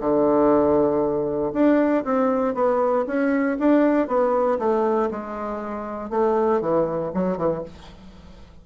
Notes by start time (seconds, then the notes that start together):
0.00 D3
1.53 D4
2.04 C4
2.54 B3
3.07 C#4
3.59 D4
4.08 B3
4.59 A3
5.11 G#3
6.10 A3
6.61 E3
7.14 F#3
7.37 E3